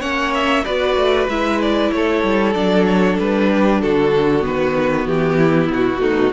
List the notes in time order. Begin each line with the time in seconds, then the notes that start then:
0.00 A#3 C#4 C#5 F#5
0.34 E5
0.65 B3 F#4 B4 D5
0.96 A3
1.28 G#3 E4 E5
1.61 D5
1.92 A3 A4 C#5
2.23 G3
2.53 F#3 D4 D5
2.86 C#5
3.20 G3 B4
3.51 G4
3.81 D3 F#4 A4
4.41 D#3 B3 B4
5.06 E3 G4
5.38 E4
5.71 B2 F#4
6.00 A3 D#4